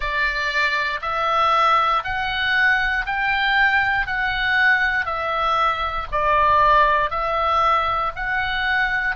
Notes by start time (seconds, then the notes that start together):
0.00 D5
1.01 E5
2.03 F#5
3.06 G5
4.07 F#5
5.05 E5
6.11 D5
7.10 E5
8.15 F#5